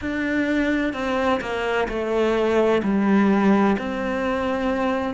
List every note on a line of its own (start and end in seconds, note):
0.01 0.93 D4
0.93 1.40 C4
1.41 1.87 A#3
1.88 2.82 A3
2.83 3.76 G3
3.78 5.14 C4